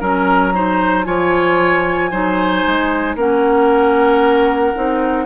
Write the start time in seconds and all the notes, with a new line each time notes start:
0.00 F#3 C#4 A#4 A#5
0.54 D#4 C5
1.05 F3 F4 C#5 G#5
2.11 F#3 D#4 C5
2.66 G#3
3.16 A#3 C#4 A#4 F#5
4.75 C4 D#4